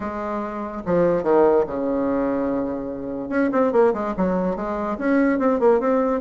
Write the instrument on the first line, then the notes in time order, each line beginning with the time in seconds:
bassoon
0.00 G#3
0.85 F3
1.23 D#3
1.66 C#3
3.29 C#4
3.52 C4
3.72 A#3
3.93 G#3
4.16 F#3
4.56 G#3
4.98 C#4
5.38 C4
5.59 A#3
5.80 C4